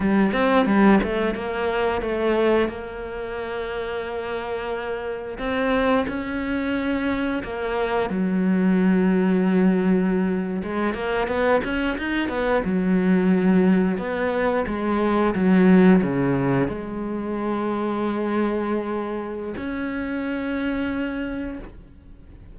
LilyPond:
\new Staff \with { instrumentName = "cello" } { \time 4/4 \tempo 4 = 89 g8 c'8 g8 a8 ais4 a4 | ais1 | c'4 cis'2 ais4 | fis2.~ fis8. gis16~ |
gis16 ais8 b8 cis'8 dis'8 b8 fis4~ fis16~ | fis8. b4 gis4 fis4 cis16~ | cis8. gis2.~ gis16~ | gis4 cis'2. | }